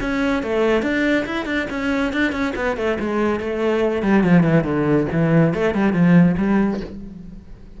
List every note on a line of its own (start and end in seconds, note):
0.00 0.43 C#4
0.43 0.82 A3
0.82 1.25 D4
1.25 1.45 E4
1.45 1.67 D4
1.70 2.12 C#4
2.12 2.32 D4
2.32 2.53 C#4
2.55 2.76 B3
2.76 2.98 A3
2.99 3.39 G#3
3.39 4.02 A3
4.02 4.23 G3
4.23 4.43 F3
4.43 4.64 E3
4.64 5.06 D3
5.12 5.54 E3
5.54 5.74 A3
5.74 5.92 G3
5.92 6.35 F3
6.37 6.80 G3